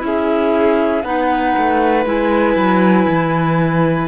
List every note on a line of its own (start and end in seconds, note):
0.00 1.04 C#4
0.00 1.02 E4
0.00 1.05 G#4
0.00 1.03 E5
1.03 1.55 B3
1.03 2.06 D#4
1.03 4.08 B4
1.03 2.04 F#5
1.58 2.06 A3
2.06 2.56 G#3
2.06 4.08 E4
2.06 4.08 G#5
2.56 3.07 F#3
3.08 4.08 E3